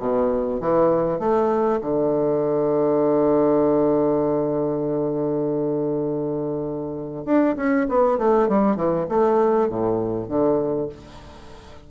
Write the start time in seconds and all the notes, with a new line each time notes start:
0.00 B2
0.61 E3
1.20 A3
1.81 D3
7.25 D4
7.57 C#4
7.89 B3
8.18 A3
8.49 G3
8.76 E3
9.09 A3
9.69 A2
10.29 D3